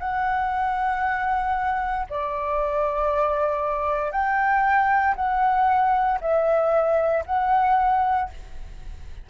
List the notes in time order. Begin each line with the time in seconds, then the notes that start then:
0.00 F#5
2.10 D5
4.12 G5
5.16 F#5
6.21 E5
7.26 F#5